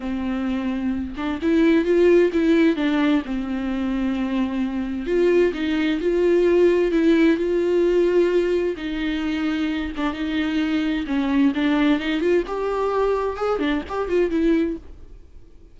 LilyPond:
\new Staff \with { instrumentName = "viola" } { \time 4/4 \tempo 4 = 130 c'2~ c'8 d'8 e'4 | f'4 e'4 d'4 c'4~ | c'2. f'4 | dis'4 f'2 e'4 |
f'2. dis'4~ | dis'4. d'8 dis'2 | cis'4 d'4 dis'8 f'8 g'4~ | g'4 gis'8 d'8 g'8 f'8 e'4 | }